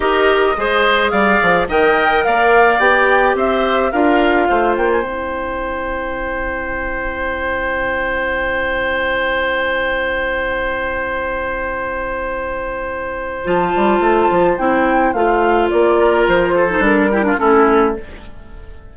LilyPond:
<<
  \new Staff \with { instrumentName = "flute" } { \time 4/4 \tempo 4 = 107 dis''2 f''4 g''4 | f''4 g''4 e''4 f''4~ | f''8 g''16 gis''16 g''2.~ | g''1~ |
g''1~ | g''1 | a''2 g''4 f''4 | d''4 c''4 ais'4 a'4 | }
  \new Staff \with { instrumentName = "oboe" } { \time 4/4 ais'4 c''4 d''4 dis''4 | d''2 c''4 ais'4 | c''1~ | c''1~ |
c''1~ | c''1~ | c''1~ | c''8 ais'4 a'4 g'16 f'16 e'4 | }
  \new Staff \with { instrumentName = "clarinet" } { \time 4/4 g'4 gis'2 ais'4~ | ais'4 g'2 f'4~ | f'4 e'2.~ | e'1~ |
e'1~ | e'1 | f'2 e'4 f'4~ | f'4.~ f'16 dis'16 d'8 e'16 d'16 cis'4 | }
  \new Staff \with { instrumentName = "bassoon" } { \time 4/4 dis'4 gis4 g8 f8 dis4 | ais4 b4 c'4 d'4 | a8 ais8 c'2.~ | c'1~ |
c'1~ | c'1 | f8 g8 a8 f8 c'4 a4 | ais4 f4 g4 a4 | }
>>